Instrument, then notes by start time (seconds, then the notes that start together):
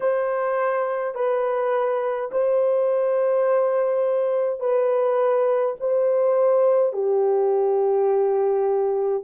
horn
0.00 C5
1.14 B4
2.31 C5
4.59 B4
5.80 C5
6.92 G4